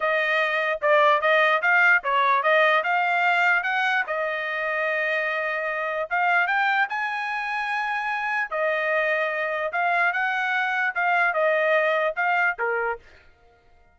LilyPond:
\new Staff \with { instrumentName = "trumpet" } { \time 4/4 \tempo 4 = 148 dis''2 d''4 dis''4 | f''4 cis''4 dis''4 f''4~ | f''4 fis''4 dis''2~ | dis''2. f''4 |
g''4 gis''2.~ | gis''4 dis''2. | f''4 fis''2 f''4 | dis''2 f''4 ais'4 | }